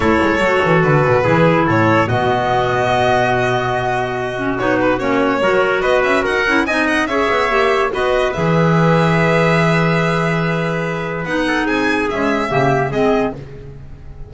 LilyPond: <<
  \new Staff \with { instrumentName = "violin" } { \time 4/4 \tempo 4 = 144 cis''2 b'2 | cis''4 dis''2.~ | dis''2. cis''8 b'8 | cis''2 dis''8 e''8 fis''4 |
gis''8 fis''8 e''2 dis''4 | e''1~ | e''2. fis''4 | gis''4 e''2 dis''4 | }
  \new Staff \with { instrumentName = "trumpet" } { \time 4/4 a'2. gis'4 | a'4 fis'2.~ | fis'1~ | fis'4 ais'4 b'4 ais'4 |
dis''4 cis''2 b'4~ | b'1~ | b'2.~ b'8 a'8 | gis'2 g'4 gis'4 | }
  \new Staff \with { instrumentName = "clarinet" } { \time 4/4 e'4 fis'2 e'4~ | e'4 b2.~ | b2~ b8 cis'8 dis'4 | cis'4 fis'2~ fis'8 e'8 |
dis'4 gis'4 g'4 fis'4 | gis'1~ | gis'2. dis'4~ | dis'4 gis4 ais4 c'4 | }
  \new Staff \with { instrumentName = "double bass" } { \time 4/4 a8 gis8 fis8 e8 d8 b,8 e4 | a,4 b,2.~ | b,2. b4 | ais4 fis4 b8 cis'8 dis'8 cis'8 |
c'4 cis'8 b8 ais4 b4 | e1~ | e2. b4 | c'4 cis'4 cis4 gis4 | }
>>